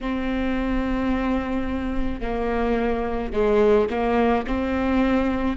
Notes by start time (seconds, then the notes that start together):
0.01 C4
2.20 A#3
3.32 G#3
3.89 A#3
4.46 C4